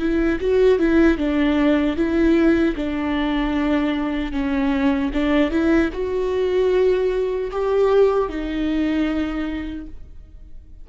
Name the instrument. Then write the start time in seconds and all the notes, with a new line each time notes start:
viola
0.00 E4
0.41 F#4
0.79 E4
1.18 D4
1.97 E4
2.77 D4
4.32 C#4
5.14 D4
5.51 E4
5.94 F#4
7.51 G4
8.29 D#4